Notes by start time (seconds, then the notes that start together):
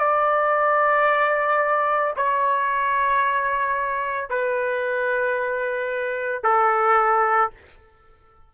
0.00 D5
2.17 C#5
4.30 B4
6.44 A4